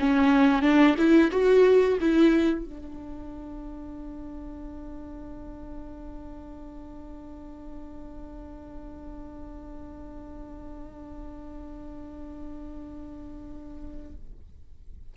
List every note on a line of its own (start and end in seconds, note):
0.00 0.62 C#4
0.62 0.96 D4
0.98 1.32 E4
1.32 1.98 F#4
2.01 2.65 E4
2.65 14.15 D4